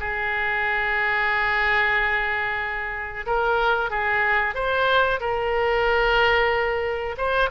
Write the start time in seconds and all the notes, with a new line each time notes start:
0.00 G#4
3.26 A#4
3.90 G#4
4.55 C5
5.20 A#4
7.17 C5